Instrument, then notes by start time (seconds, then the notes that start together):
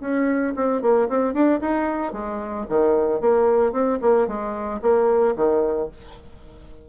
bassoon
0.00 C#4
0.56 C4
0.82 A#3
1.08 C4
1.33 D4
1.60 D#4
2.12 G#3
2.69 D#3
3.20 A#3
3.72 C4
4.01 A#3
4.27 G#3
4.81 A#3
5.35 D#3